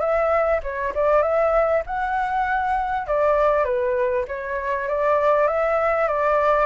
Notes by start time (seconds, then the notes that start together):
0.00 E5
0.63 C#5
0.95 D5
1.22 E5
1.86 F#5
3.07 D5
3.64 B4
4.28 C#5
4.88 D5
5.47 E5
6.08 D5